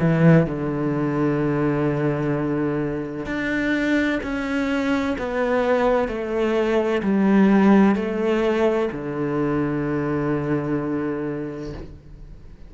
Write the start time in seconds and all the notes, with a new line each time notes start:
0.00 E3
0.46 D3
3.26 D4
4.24 C#4
5.19 B3
6.09 A3
7.03 G3
7.96 A3
8.93 D3